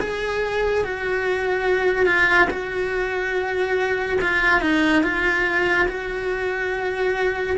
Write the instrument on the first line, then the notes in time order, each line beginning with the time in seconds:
cello
0.00 G#4
0.84 F#4
2.06 F4
2.50 F#4
4.21 F4
4.61 D#4
5.02 F4
5.88 F#4